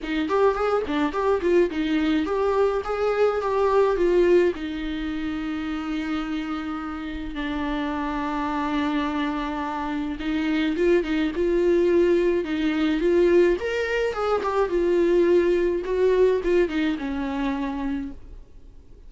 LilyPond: \new Staff \with { instrumentName = "viola" } { \time 4/4 \tempo 4 = 106 dis'8 g'8 gis'8 d'8 g'8 f'8 dis'4 | g'4 gis'4 g'4 f'4 | dis'1~ | dis'4 d'2.~ |
d'2 dis'4 f'8 dis'8 | f'2 dis'4 f'4 | ais'4 gis'8 g'8 f'2 | fis'4 f'8 dis'8 cis'2 | }